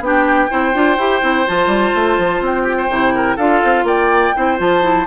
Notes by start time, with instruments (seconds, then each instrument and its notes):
0.00 bassoon B3, clarinet D4, oboe G4, flute G5
0.49 bassoon C4, clarinet E4, oboe C5
0.74 bassoon D4, clarinet F4
0.98 bassoon E4, clarinet G4
1.22 bassoon C4, clarinet E4
1.47 bassoon F3, clarinet F4, flute A5
1.67 bassoon G3
1.95 bassoon A3
2.18 bassoon F3
2.41 bassoon C4, flute G5
2.63 oboe G4
2.78 oboe C5
2.90 bassoon C3, clarinet E4
3.15 oboe A#4
3.36 bassoon D4, clarinet F4, oboe A4, flute F5
3.64 bassoon C4
3.84 bassoon A#3, oboe D5, flute G5
4.35 bassoon C4, clarinet E4, oboe C5
4.58 bassoon F3, clarinet F4, flute A5
4.82 clarinet E4